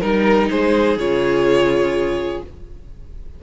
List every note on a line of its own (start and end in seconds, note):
0.00 0.50 G3
0.00 0.97 D#4
0.00 0.48 A#4
0.50 0.97 G#3
0.50 2.43 G#4
0.50 0.98 C5
0.97 2.41 C#3
0.97 2.43 F4
0.97 2.42 C#5